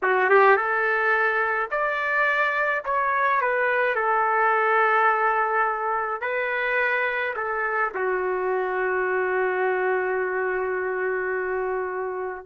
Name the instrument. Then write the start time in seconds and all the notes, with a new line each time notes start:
trumpet
0.02 F#4
0.30 G4
0.56 A4
1.70 D5
2.85 C#5
3.41 B4
3.95 A4
6.21 B4
7.36 A4
7.94 F#4